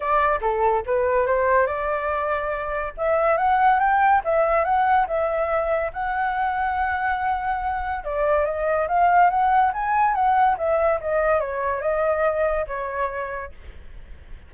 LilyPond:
\new Staff \with { instrumentName = "flute" } { \time 4/4 \tempo 4 = 142 d''4 a'4 b'4 c''4 | d''2. e''4 | fis''4 g''4 e''4 fis''4 | e''2 fis''2~ |
fis''2. d''4 | dis''4 f''4 fis''4 gis''4 | fis''4 e''4 dis''4 cis''4 | dis''2 cis''2 | }